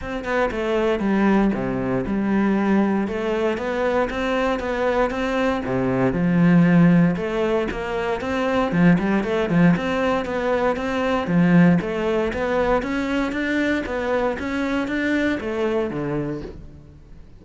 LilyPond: \new Staff \with { instrumentName = "cello" } { \time 4/4 \tempo 4 = 117 c'8 b8 a4 g4 c4 | g2 a4 b4 | c'4 b4 c'4 c4 | f2 a4 ais4 |
c'4 f8 g8 a8 f8 c'4 | b4 c'4 f4 a4 | b4 cis'4 d'4 b4 | cis'4 d'4 a4 d4 | }